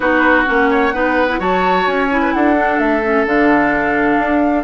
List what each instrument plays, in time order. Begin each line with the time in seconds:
0.00 bassoon B3, clarinet D#4, oboe F#4, flute B4
0.45 bassoon A#3, clarinet C#4, flute F#5
0.70 oboe C#5
0.93 bassoon B3, clarinet D#4, oboe B4
1.28 clarinet E4
1.39 bassoon F#3, clarinet F#4, oboe C#5, flute A5
1.86 bassoon C#4, flute G#5
2.10 clarinet E4
2.21 oboe B4
2.33 bassoon D4, oboe A4, flute F#5
2.56 clarinet D4
2.78 bassoon A3, flute E5
3.03 clarinet C#4
3.26 bassoon D3, clarinet D4, flute F5
4.17 bassoon D4